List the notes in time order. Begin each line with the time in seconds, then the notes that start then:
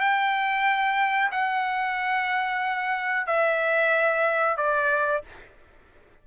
0.00 G5
1.31 F#5
3.26 E5
4.57 D5